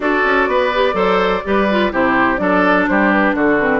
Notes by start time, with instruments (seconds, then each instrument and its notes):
0.00 bassoon D4, clarinet F#4, oboe A4, flute D5
0.24 bassoon C#4
0.47 bassoon B3, oboe B4
0.73 clarinet G4
0.93 bassoon F#3, clarinet A4, oboe C5
1.44 bassoon G3, clarinet G4, oboe B4
1.70 clarinet F4
1.91 bassoon C3, clarinet E4, oboe G4, flute C5
2.37 bassoon F#3, clarinet D4, oboe A4, flute D5
2.88 bassoon G3, oboe G4, flute C5
3.12 flute B4
3.34 bassoon D3, oboe F#4, flute A4
3.59 clarinet C4, flute B4